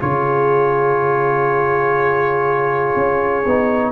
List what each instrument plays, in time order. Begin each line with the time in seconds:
0.00 tuba C#3, trombone F4, horn G#4, trumpet C#5
2.96 tuba C#4
3.46 tuba B3, trombone D#4